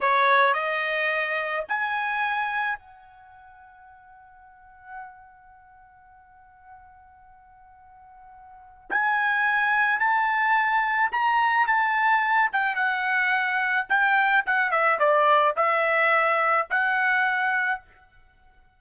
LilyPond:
\new Staff \with { instrumentName = "trumpet" } { \time 4/4 \tempo 4 = 108 cis''4 dis''2 gis''4~ | gis''4 fis''2.~ | fis''1~ | fis''1 |
gis''2 a''2 | ais''4 a''4. g''8 fis''4~ | fis''4 g''4 fis''8 e''8 d''4 | e''2 fis''2 | }